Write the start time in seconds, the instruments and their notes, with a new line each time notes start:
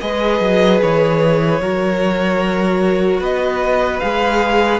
0.00 cello G#3, viola G#4, violin B4 D#5
0.40 cello F#3
0.81 cello E3, violin C#5
1.60 cello F#3, viola F#4, violin A#4
3.20 cello B3, violin B4 D#5
3.99 cello G#3, viola G#4, violin F5